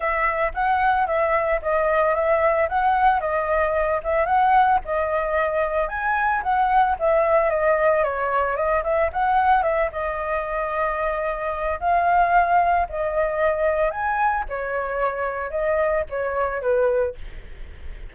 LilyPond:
\new Staff \with { instrumentName = "flute" } { \time 4/4 \tempo 4 = 112 e''4 fis''4 e''4 dis''4 | e''4 fis''4 dis''4. e''8 | fis''4 dis''2 gis''4 | fis''4 e''4 dis''4 cis''4 |
dis''8 e''8 fis''4 e''8 dis''4.~ | dis''2 f''2 | dis''2 gis''4 cis''4~ | cis''4 dis''4 cis''4 b'4 | }